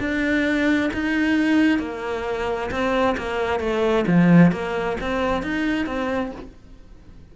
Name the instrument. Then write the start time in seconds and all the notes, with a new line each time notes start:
cello
0.00 D4
0.94 D#4
1.79 A#3
2.71 C4
3.18 A#3
3.60 A3
4.07 F3
4.52 A#3
5.01 C4
5.43 D#4
5.86 C4